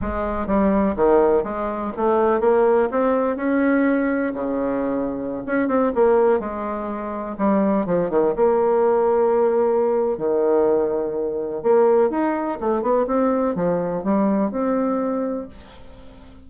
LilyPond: \new Staff \with { instrumentName = "bassoon" } { \time 4/4 \tempo 4 = 124 gis4 g4 dis4 gis4 | a4 ais4 c'4 cis'4~ | cis'4 cis2~ cis16 cis'8 c'16~ | c'16 ais4 gis2 g8.~ |
g16 f8 dis8 ais2~ ais8.~ | ais4 dis2. | ais4 dis'4 a8 b8 c'4 | f4 g4 c'2 | }